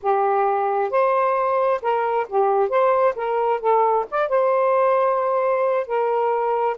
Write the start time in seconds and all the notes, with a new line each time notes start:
0.02 G4
0.90 C5
1.81 A#4
2.29 G4
2.69 C5
3.15 A#4
3.60 A4
4.11 D5
4.29 C5
5.86 A#4